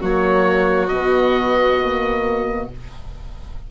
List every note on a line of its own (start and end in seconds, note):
0.00 0.92 F#3
0.00 0.90 A#3
0.00 2.70 F#4
0.00 0.88 C#5
0.88 2.71 B2
0.88 1.80 B3
0.88 2.67 D#5
1.81 2.71 A#3